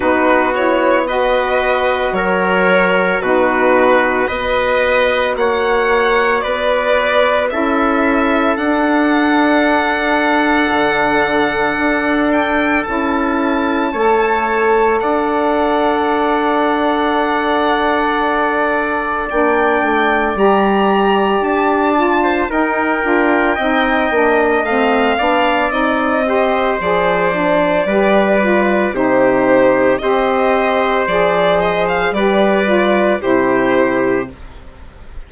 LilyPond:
<<
  \new Staff \with { instrumentName = "violin" } { \time 4/4 \tempo 4 = 56 b'8 cis''8 dis''4 cis''4 b'4 | dis''4 fis''4 d''4 e''4 | fis''2.~ fis''8 g''8 | a''2 fis''2~ |
fis''2 g''4 ais''4 | a''4 g''2 f''4 | dis''4 d''2 c''4 | dis''4 d''8 dis''16 f''16 d''4 c''4 | }
  \new Staff \with { instrumentName = "trumpet" } { \time 4/4 fis'4 b'4 ais'4 fis'4 | b'4 cis''4 b'4 a'4~ | a'1~ | a'4 cis''4 d''2~ |
d''1~ | d''8. c''16 ais'4 dis''4. d''8~ | d''8 c''4. b'4 g'4 | c''2 b'4 g'4 | }
  \new Staff \with { instrumentName = "saxophone" } { \time 4/4 dis'8 e'8 fis'2 dis'4 | fis'2. e'4 | d'1 | e'4 a'2.~ |
a'2 d'4 g'4~ | g'8 f'8 dis'8 f'8 dis'8 d'8 c'8 d'8 | dis'8 g'8 gis'8 d'8 g'8 f'8 dis'4 | g'4 gis'4 g'8 f'8 e'4 | }
  \new Staff \with { instrumentName = "bassoon" } { \time 4/4 b2 fis4 b,4 | b4 ais4 b4 cis'4 | d'2 d4 d'4 | cis'4 a4 d'2~ |
d'2 ais8 a8 g4 | d'4 dis'8 d'8 c'8 ais8 a8 b8 | c'4 f4 g4 c4 | c'4 f4 g4 c4 | }
>>